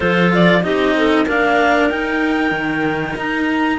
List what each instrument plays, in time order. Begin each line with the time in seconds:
0.00 cello F3 F4, clarinet A4 C5
0.34 clarinet D5
0.62 cello C4 D#4, clarinet G4 D#5
0.96 clarinet A4
1.25 cello A#3 D4, clarinet A#4 F5
1.89 cello D#4, clarinet G5
2.51 cello D#3
3.16 cello D#4, clarinet A#5